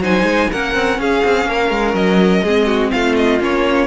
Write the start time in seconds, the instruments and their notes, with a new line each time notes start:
0.00 cello F#3, viola D#4, violin C5 G#5
0.23 cello G#3
0.51 cello A#3, viola C#4, violin A#4 F#5
0.74 cello C4
0.98 cello C#4, violin G#4 F5
1.24 cello C4
1.46 cello A#3, violin A#4
1.70 cello G#3
1.94 cello F#3, violin D#5
2.44 cello G#3, viola C4, violin G#4
2.67 violin F#4
2.91 cello A3, violin F4 F5
3.16 violin D#5
3.40 cello A#3, viola C#4, violin C#5